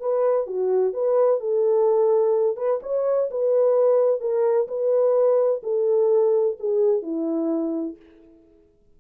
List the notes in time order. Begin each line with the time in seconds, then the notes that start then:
0.00 B4
0.46 F#4
0.93 B4
1.40 A4
2.57 B4
2.83 C#5
3.30 B4
4.20 A#4
4.68 B4
5.63 A4
6.59 G#4
7.02 E4